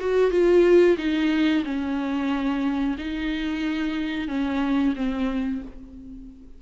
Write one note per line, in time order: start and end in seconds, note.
0.00 0.31 F#4
0.31 0.97 F4
0.98 1.64 D#4
1.65 2.96 C#4
2.98 4.28 D#4
4.28 4.94 C#4
4.96 5.62 C4